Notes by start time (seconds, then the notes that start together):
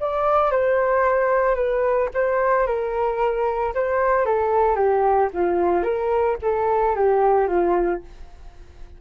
0.00 D5
0.51 C5
1.55 B4
2.14 C5
2.67 A#4
3.75 C5
4.26 A4
4.76 G4
5.33 F4
5.83 A#4
6.42 A4
6.96 G4
7.48 F4